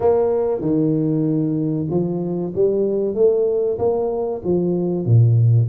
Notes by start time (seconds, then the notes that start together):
0.00 A#3
0.61 D#3
1.89 F3
2.55 G3
3.14 A3
3.78 A#3
4.44 F3
5.05 A#2